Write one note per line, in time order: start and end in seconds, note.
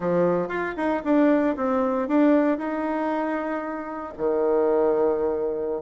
0.00 0.48 F3
0.48 0.74 F4
0.76 1.02 D#4
1.04 1.56 D4
1.56 2.08 C4
2.08 2.57 D4
2.57 4.13 D#4
4.17 5.81 D#3